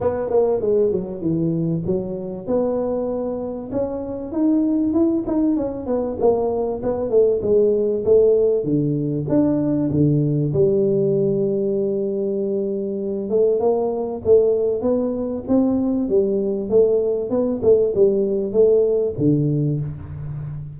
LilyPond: \new Staff \with { instrumentName = "tuba" } { \time 4/4 \tempo 4 = 97 b8 ais8 gis8 fis8 e4 fis4 | b2 cis'4 dis'4 | e'8 dis'8 cis'8 b8 ais4 b8 a8 | gis4 a4 d4 d'4 |
d4 g2.~ | g4. a8 ais4 a4 | b4 c'4 g4 a4 | b8 a8 g4 a4 d4 | }